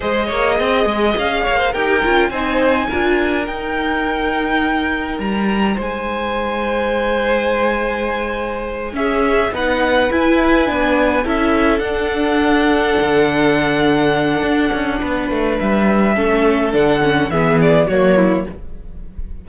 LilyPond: <<
  \new Staff \with { instrumentName = "violin" } { \time 4/4 \tempo 4 = 104 dis''2 f''4 g''4 | gis''2 g''2~ | g''4 ais''4 gis''2~ | gis''2.~ gis''8 e''8~ |
e''8 fis''4 gis''2 e''8~ | e''8 fis''2.~ fis''8~ | fis''2. e''4~ | e''4 fis''4 e''8 d''8 cis''4 | }
  \new Staff \with { instrumentName = "violin" } { \time 4/4 c''8 cis''8 dis''4. cis''16 c''16 ais'4 | c''4 ais'2.~ | ais'2 c''2~ | c''2.~ c''8 gis'8~ |
gis'8 b'2. a'8~ | a'1~ | a'2 b'2 | a'2 gis'4 fis'8 e'8 | }
  \new Staff \with { instrumentName = "viola" } { \time 4/4 gis'2. g'8 f'8 | dis'4 f'4 dis'2~ | dis'1~ | dis'2.~ dis'8 cis'8~ |
cis'8 dis'4 e'4 d'4 e'8~ | e'8 d'2.~ d'8~ | d'1 | cis'4 d'8 cis'8 b4 ais4 | }
  \new Staff \with { instrumentName = "cello" } { \time 4/4 gis8 ais8 c'8 gis8 cis'8 ais8 dis'8 cis'8 | c'4 d'4 dis'2~ | dis'4 g4 gis2~ | gis2.~ gis8 cis'8~ |
cis'8 b4 e'4 b4 cis'8~ | cis'8 d'2 d4.~ | d4 d'8 cis'8 b8 a8 g4 | a4 d4 e4 fis4 | }
>>